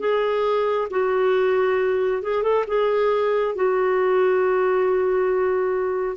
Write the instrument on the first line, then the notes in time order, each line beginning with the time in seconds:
clarinet
0.00 G#4
0.91 F#4
2.23 G#4
2.43 A4
2.68 G#4
3.56 F#4